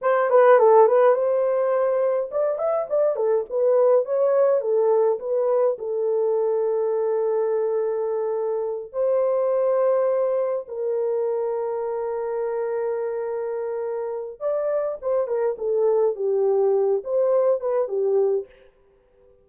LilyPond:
\new Staff \with { instrumentName = "horn" } { \time 4/4 \tempo 4 = 104 c''8 b'8 a'8 b'8 c''2 | d''8 e''8 d''8 a'8 b'4 cis''4 | a'4 b'4 a'2~ | a'2.~ a'8 c''8~ |
c''2~ c''8 ais'4.~ | ais'1~ | ais'4 d''4 c''8 ais'8 a'4 | g'4. c''4 b'8 g'4 | }